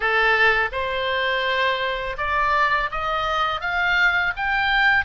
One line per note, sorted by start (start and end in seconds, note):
0.00 0.69 A4
0.72 2.16 C5
2.17 2.89 D5
2.91 3.60 D#5
3.60 4.33 F5
4.36 5.04 G5